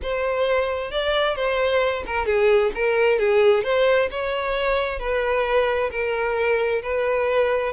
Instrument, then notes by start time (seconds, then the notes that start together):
violin
0.02 C5
0.91 D5
1.35 C5
2.06 A#4
2.26 G#4
2.75 A#4
3.18 G#4
3.63 C5
4.10 C#5
4.99 B4
5.91 A#4
6.82 B4